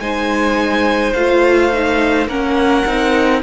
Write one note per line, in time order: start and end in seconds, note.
0.00 1.13 G#3
0.00 1.14 D#4
0.00 2.28 C5
0.00 1.13 G#5
1.13 2.27 A3
1.13 1.72 F4
1.13 2.26 F5
1.72 2.29 D#4
2.27 2.83 A#3
2.27 2.86 C#4
2.27 3.41 A#4
2.27 3.42 F#5
2.86 3.42 C4
2.86 3.42 D#4